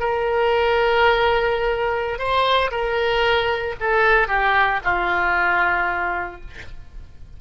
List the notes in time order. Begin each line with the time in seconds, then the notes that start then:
0.00 A#4
2.19 C5
2.71 A#4
3.80 A4
4.28 G4
4.85 F4